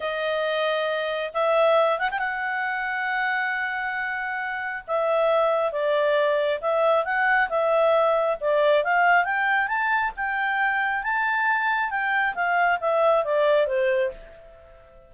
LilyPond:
\new Staff \with { instrumentName = "clarinet" } { \time 4/4 \tempo 4 = 136 dis''2. e''4~ | e''8 fis''16 g''16 fis''2.~ | fis''2. e''4~ | e''4 d''2 e''4 |
fis''4 e''2 d''4 | f''4 g''4 a''4 g''4~ | g''4 a''2 g''4 | f''4 e''4 d''4 c''4 | }